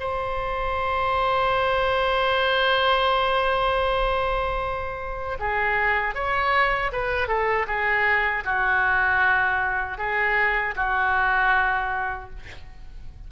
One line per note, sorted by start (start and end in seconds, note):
0.00 5.38 C5
5.40 6.15 G#4
6.15 6.92 C#5
6.93 7.28 B4
7.28 7.66 A4
7.67 8.44 G#4
8.45 9.98 F#4
9.98 10.75 G#4
10.76 12.30 F#4